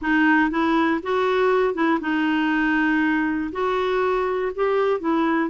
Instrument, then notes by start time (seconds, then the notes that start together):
clarinet
0.01 D#4
0.50 E4
1.02 F#4
1.74 E4
2.00 D#4
3.52 F#4
4.55 G4
5.00 E4